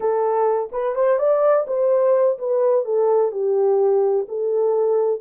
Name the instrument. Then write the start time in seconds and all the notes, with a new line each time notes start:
horn
0.00 A4
0.72 B4
0.95 C5
1.19 D5
1.67 C5
2.38 B4
2.85 A4
3.31 G4
4.28 A4